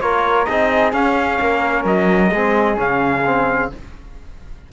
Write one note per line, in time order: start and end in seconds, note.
0.00 0.46 A#3
0.00 0.47 F4
0.00 0.49 A#4
0.00 0.45 C#5
0.45 0.93 C4
0.45 0.93 D#4
0.45 1.41 G#4
0.45 0.92 D#5
0.93 1.39 C#4
0.93 2.32 C#4
0.93 1.85 F5
1.41 1.85 A#3
1.41 2.32 A#4
1.85 2.31 F#3
1.85 2.79 D#5
2.32 2.78 G#3
2.32 2.76 C4
2.32 3.71 G#4
2.76 3.71 C#3
2.76 3.22 C#4
2.76 3.72 F5
3.25 3.72 C4